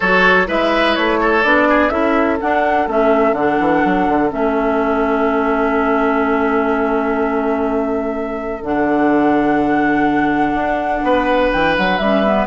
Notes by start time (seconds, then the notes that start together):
0.00 F#3 F#4 A4 C#5
0.46 G#3 E4 B4 E5
0.95 A3 C#5
1.20 A4
1.42 B3 D4 D5
1.69 G#4
1.89 C#4 E4 A4 E5
2.40 D4 F#5
2.87 A3 C#4 E5
3.33 D3 D4 F#5
3.60 E3
3.84 F#3
4.08 D3
4.29 A3 C#4 E5
8.62 D3 D4 F#5
10.54 D4
11.02 B3 B4
11.51 E3 G5
11.77 F#3 F#5
11.97 G3 C#4 E5
12.24 B3